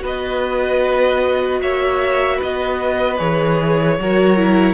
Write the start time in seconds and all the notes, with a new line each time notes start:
0.00 B3 F#4 B4
0.06 D#5
1.62 A#3 C#5 E5
2.37 B3 B4 D#5
3.18 E3 G#4 C#5
3.99 F#3 F#4 A#4
4.37 E4